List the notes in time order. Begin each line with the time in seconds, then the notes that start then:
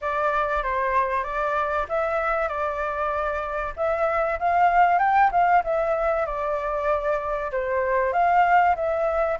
0.01 D5
0.63 C5
1.23 D5
1.88 E5
2.48 D5
3.76 E5
4.39 F5
4.99 G5
5.31 F5
5.63 E5
6.26 D5
7.51 C5
8.12 F5
8.75 E5